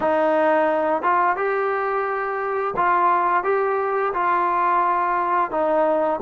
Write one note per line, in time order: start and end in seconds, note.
0.00 1.02 D#4
1.02 1.36 F4
1.36 2.74 G4
2.76 3.43 F4
3.43 4.12 G4
4.13 5.50 F4
5.50 6.19 D#4